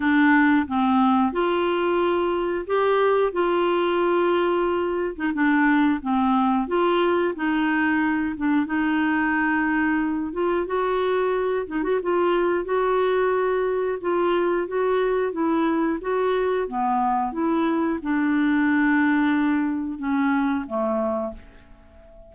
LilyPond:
\new Staff \with { instrumentName = "clarinet" } { \time 4/4 \tempo 4 = 90 d'4 c'4 f'2 | g'4 f'2~ f'8. dis'16 | d'4 c'4 f'4 dis'4~ | dis'8 d'8 dis'2~ dis'8 f'8 |
fis'4. dis'16 fis'16 f'4 fis'4~ | fis'4 f'4 fis'4 e'4 | fis'4 b4 e'4 d'4~ | d'2 cis'4 a4 | }